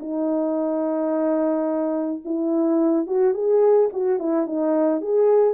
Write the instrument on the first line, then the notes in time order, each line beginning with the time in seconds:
horn
0.00 D#4
2.25 E4
3.07 F#4
3.35 G#4
3.93 F#4
4.20 E4
4.47 D#4
5.02 G#4